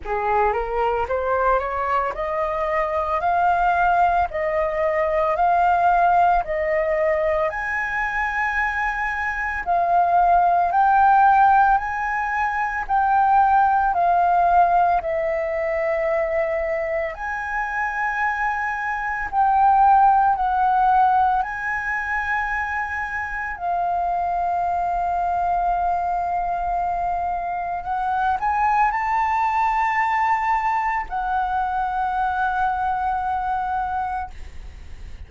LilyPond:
\new Staff \with { instrumentName = "flute" } { \time 4/4 \tempo 4 = 56 gis'8 ais'8 c''8 cis''8 dis''4 f''4 | dis''4 f''4 dis''4 gis''4~ | gis''4 f''4 g''4 gis''4 | g''4 f''4 e''2 |
gis''2 g''4 fis''4 | gis''2 f''2~ | f''2 fis''8 gis''8 a''4~ | a''4 fis''2. | }